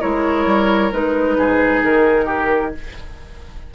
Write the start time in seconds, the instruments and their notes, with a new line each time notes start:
0.00 bassoon G#3, clarinet E4, oboe A#4, flute C#5
0.46 bassoon G3
0.92 bassoon G#3, clarinet D#4, flute B4
1.37 bassoon G#2, oboe G#4
1.84 bassoon D#3, flute A#4
2.26 oboe G4